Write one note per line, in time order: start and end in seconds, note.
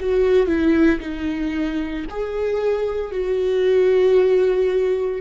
0.00 0.47 F#4
0.47 1.00 E4
1.00 2.05 D#4
2.10 3.11 G#4
3.11 5.21 F#4